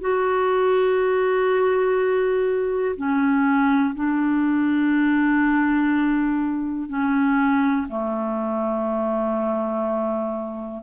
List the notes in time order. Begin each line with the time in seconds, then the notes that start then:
0.00 F#4
2.96 C#4
3.94 D4
6.89 C#4
7.88 A3